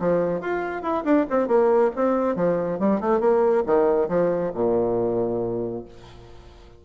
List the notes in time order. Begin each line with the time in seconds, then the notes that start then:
0.00 F3
0.42 F4
0.83 E4
1.05 D4
1.30 C4
1.48 A#3
1.96 C4
2.36 F3
2.80 G3
3.01 A3
3.21 A#3
3.66 D#3
4.09 F3
4.55 A#2